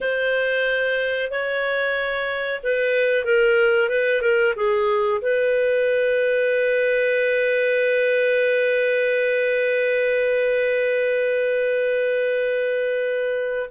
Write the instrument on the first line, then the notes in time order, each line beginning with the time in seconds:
clarinet
0.00 C5
1.30 C#5
2.63 B4
3.24 A#4
3.89 B4
4.21 A#4
4.55 G#4
5.21 B4